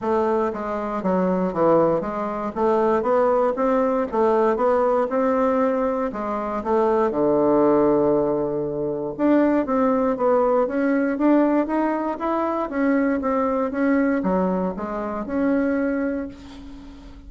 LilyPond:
\new Staff \with { instrumentName = "bassoon" } { \time 4/4 \tempo 4 = 118 a4 gis4 fis4 e4 | gis4 a4 b4 c'4 | a4 b4 c'2 | gis4 a4 d2~ |
d2 d'4 c'4 | b4 cis'4 d'4 dis'4 | e'4 cis'4 c'4 cis'4 | fis4 gis4 cis'2 | }